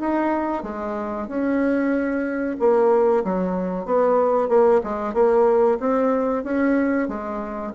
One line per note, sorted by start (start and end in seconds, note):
0.00 0.64 D#4
0.64 1.28 G#3
1.28 2.57 C#4
2.60 3.24 A#3
3.25 3.86 F#3
3.86 4.49 B3
4.49 4.82 A#3
4.84 5.14 G#3
5.14 5.79 A#3
5.80 6.44 C4
6.44 7.09 C#4
7.09 7.73 G#3